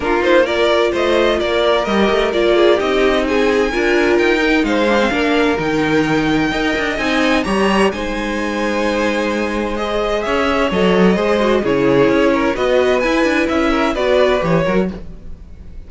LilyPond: <<
  \new Staff \with { instrumentName = "violin" } { \time 4/4 \tempo 4 = 129 ais'8 c''8 d''4 dis''4 d''4 | dis''4 d''4 dis''4 gis''4~ | gis''4 g''4 f''2 | g''2. gis''4 |
ais''4 gis''2.~ | gis''4 dis''4 e''4 dis''4~ | dis''4 cis''2 dis''4 | gis''4 e''4 d''4 cis''4 | }
  \new Staff \with { instrumentName = "violin" } { \time 4/4 f'4 ais'4 c''4 ais'4~ | ais'4. gis'8 g'4 gis'4 | ais'2 c''4 ais'4~ | ais'2 dis''2 |
cis''4 c''2.~ | c''2 cis''2 | c''4 gis'4. ais'8 b'4~ | b'4. ais'8 b'4. ais'8 | }
  \new Staff \with { instrumentName = "viola" } { \time 4/4 d'8 dis'8 f'2. | g'4 f'4 dis'2 | f'4. dis'4 d'16 c'16 d'4 | dis'2 ais'4 dis'4 |
g'4 dis'2.~ | dis'4 gis'2 a'4 | gis'8 fis'8 e'2 fis'4 | e'2 fis'4 g'8 fis'8 | }
  \new Staff \with { instrumentName = "cello" } { \time 4/4 ais2 a4 ais4 | g8 a8 ais4 c'2 | d'4 dis'4 gis4 ais4 | dis2 dis'8 d'8 c'4 |
g4 gis2.~ | gis2 cis'4 fis4 | gis4 cis4 cis'4 b4 | e'8 d'8 cis'4 b4 e8 fis8 | }
>>